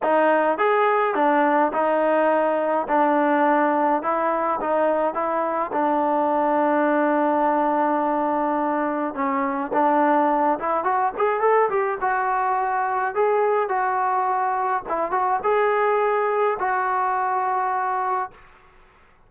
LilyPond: \new Staff \with { instrumentName = "trombone" } { \time 4/4 \tempo 4 = 105 dis'4 gis'4 d'4 dis'4~ | dis'4 d'2 e'4 | dis'4 e'4 d'2~ | d'1 |
cis'4 d'4. e'8 fis'8 gis'8 | a'8 g'8 fis'2 gis'4 | fis'2 e'8 fis'8 gis'4~ | gis'4 fis'2. | }